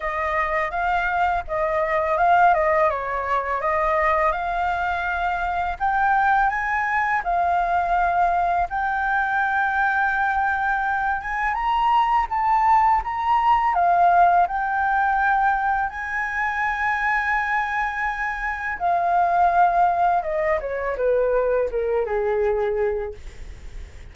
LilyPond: \new Staff \with { instrumentName = "flute" } { \time 4/4 \tempo 4 = 83 dis''4 f''4 dis''4 f''8 dis''8 | cis''4 dis''4 f''2 | g''4 gis''4 f''2 | g''2.~ g''8 gis''8 |
ais''4 a''4 ais''4 f''4 | g''2 gis''2~ | gis''2 f''2 | dis''8 cis''8 b'4 ais'8 gis'4. | }